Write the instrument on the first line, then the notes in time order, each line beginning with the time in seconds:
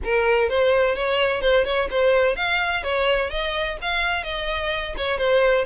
violin
0.04 A#4
0.49 C5
0.95 C#5
1.41 C5
1.64 C#5
1.90 C5
2.36 F5
2.83 C#5
3.30 D#5
3.81 F5
4.23 D#5
4.97 C#5
5.18 C5